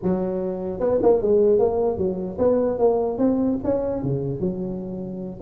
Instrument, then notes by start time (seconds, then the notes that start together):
tuba
0.02 F#3
0.80 B3
1.02 A#3
1.21 G#3
1.59 A#3
1.97 F#3
2.38 B3
2.78 A#3
3.18 C4
3.64 C#4
4.02 C#3
4.40 F#3